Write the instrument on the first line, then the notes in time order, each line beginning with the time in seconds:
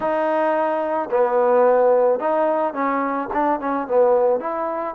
trombone
0.00 D#4
1.10 B3
2.19 D#4
2.73 C#4
3.33 D4
3.60 C#4
3.87 B3
4.40 E4